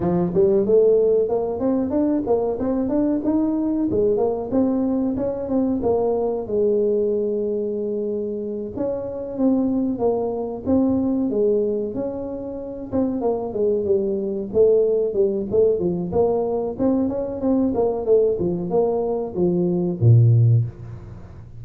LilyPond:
\new Staff \with { instrumentName = "tuba" } { \time 4/4 \tempo 4 = 93 f8 g8 a4 ais8 c'8 d'8 ais8 | c'8 d'8 dis'4 gis8 ais8 c'4 | cis'8 c'8 ais4 gis2~ | gis4. cis'4 c'4 ais8~ |
ais8 c'4 gis4 cis'4. | c'8 ais8 gis8 g4 a4 g8 | a8 f8 ais4 c'8 cis'8 c'8 ais8 | a8 f8 ais4 f4 ais,4 | }